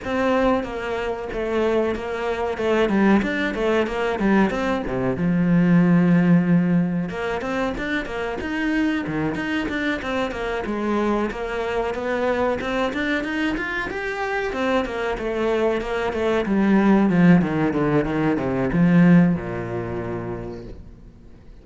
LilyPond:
\new Staff \with { instrumentName = "cello" } { \time 4/4 \tempo 4 = 93 c'4 ais4 a4 ais4 | a8 g8 d'8 a8 ais8 g8 c'8 c8 | f2. ais8 c'8 | d'8 ais8 dis'4 dis8 dis'8 d'8 c'8 |
ais8 gis4 ais4 b4 c'8 | d'8 dis'8 f'8 g'4 c'8 ais8 a8~ | a8 ais8 a8 g4 f8 dis8 d8 | dis8 c8 f4 ais,2 | }